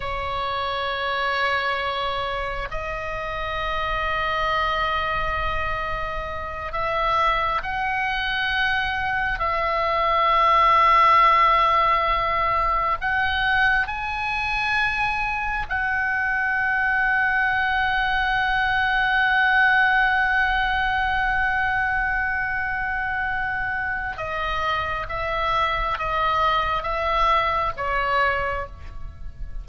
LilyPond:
\new Staff \with { instrumentName = "oboe" } { \time 4/4 \tempo 4 = 67 cis''2. dis''4~ | dis''2.~ dis''8 e''8~ | e''8 fis''2 e''4.~ | e''2~ e''8 fis''4 gis''8~ |
gis''4. fis''2~ fis''8~ | fis''1~ | fis''2. dis''4 | e''4 dis''4 e''4 cis''4 | }